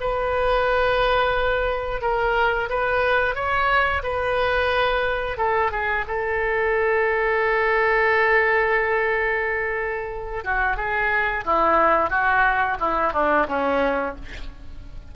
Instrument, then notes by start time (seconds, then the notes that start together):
oboe
0.00 B4
2.01 A#4
2.69 B4
3.35 C#5
4.03 B4
5.37 A4
5.71 G#4
6.07 A4
10.44 F#4
10.77 G#4
11.45 E4
12.10 F#4
12.80 E4
13.13 D4
13.48 C#4